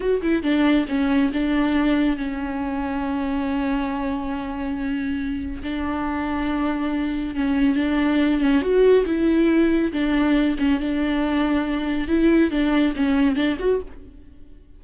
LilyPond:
\new Staff \with { instrumentName = "viola" } { \time 4/4 \tempo 4 = 139 fis'8 e'8 d'4 cis'4 d'4~ | d'4 cis'2.~ | cis'1~ | cis'4 d'2.~ |
d'4 cis'4 d'4. cis'8 | fis'4 e'2 d'4~ | d'8 cis'8 d'2. | e'4 d'4 cis'4 d'8 fis'8 | }